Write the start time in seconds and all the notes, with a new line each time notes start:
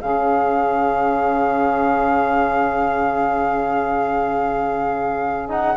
0.00 C#3 C#4 G#4 F5
5.48 D#4 F#5